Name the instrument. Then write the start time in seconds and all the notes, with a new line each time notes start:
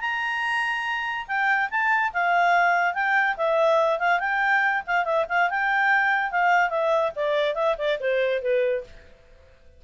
clarinet
0.00 A#5
1.27 G5
1.70 A5
2.13 F5
2.94 G5
3.37 E5
3.99 F5
4.19 G5
4.87 F5
5.04 E5
5.28 F5
5.50 G5
6.31 F5
6.69 E5
7.15 D5
7.54 E5
7.78 D5
8.00 C5
8.42 B4